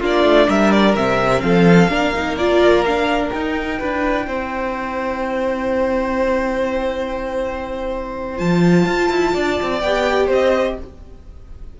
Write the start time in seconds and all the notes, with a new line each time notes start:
0.00 A#3 D4 F4 D5
0.24 A3
0.48 G3 A#4 E5
0.71 D5
0.95 C3 C4 E5
1.41 F3 A4 F5
1.88 A#3 D4 A#4
2.15 D#4
2.37 F4 D5
2.85 D4 F5
3.30 D#4 G5
3.79 D4 E4 B4
4.27 C4 C5
8.37 F3 F4 A5
8.86 F4
9.09 E4
9.33 D4 D5
9.62 C4
9.79 B3 G4 G5
10.26 C4 C5
10.33 D#5